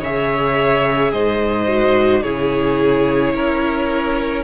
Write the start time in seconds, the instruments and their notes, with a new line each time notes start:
0.00 cello C#3, viola G#4, violin C#5 E5
1.12 cello G#2, violin C5 D#5
1.67 viola F#4
2.22 cello C#3, viola E4, violin G#4 C#5
3.34 cello C#4, violin A#4